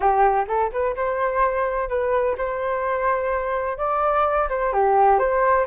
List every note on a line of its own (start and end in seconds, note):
0.00 0.46 G4
0.47 0.71 A4
0.72 0.95 B4
0.96 1.88 C5
1.88 2.36 B4
2.37 3.77 C5
3.77 4.48 D5
4.49 4.72 C5
4.72 5.18 G4
5.18 5.65 C5